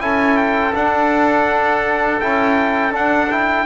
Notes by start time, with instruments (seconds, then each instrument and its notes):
0.00 double bass C#4, trombone E4, oboe A4, trumpet G#5
0.37 trumpet G5
0.74 trombone D4, double bass D4, trumpet F#5
2.20 double bass C#4, trombone E4, trumpet G5
2.91 trombone D4, double bass D4, trumpet F#5
3.31 trombone E4, trumpet G5